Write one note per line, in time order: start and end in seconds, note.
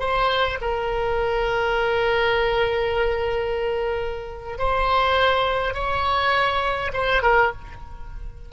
0.00 0.59 C5
0.61 4.59 A#4
4.59 5.74 C5
5.74 6.92 C#5
6.94 7.23 C5
7.23 7.52 A#4